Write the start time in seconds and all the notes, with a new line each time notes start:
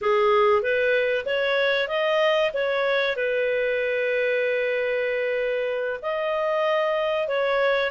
0.01 G#4
0.62 B4
1.25 C#5
1.87 D#5
2.53 C#5
3.16 B4
6.01 D#5
7.28 C#5